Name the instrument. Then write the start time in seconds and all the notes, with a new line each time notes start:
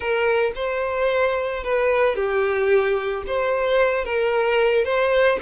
violin
0.00 A#4
0.55 C5
1.63 B4
2.15 G4
3.27 C5
4.04 A#4
4.85 C5